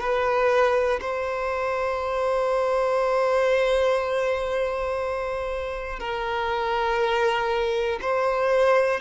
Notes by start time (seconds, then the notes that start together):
0.00 B4
1.01 C5
6.00 A#4
8.01 C5